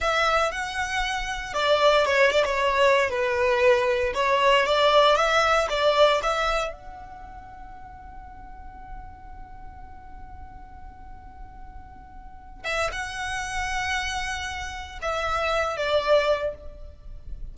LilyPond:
\new Staff \with { instrumentName = "violin" } { \time 4/4 \tempo 4 = 116 e''4 fis''2 d''4 | cis''8 d''16 cis''4~ cis''16 b'2 | cis''4 d''4 e''4 d''4 | e''4 fis''2.~ |
fis''1~ | fis''1~ | fis''8 e''8 fis''2.~ | fis''4 e''4. d''4. | }